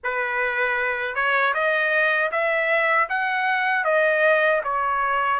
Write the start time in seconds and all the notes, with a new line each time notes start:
0.03 B4
1.15 C#5
1.53 D#5
2.31 E5
3.09 F#5
3.84 D#5
4.64 C#5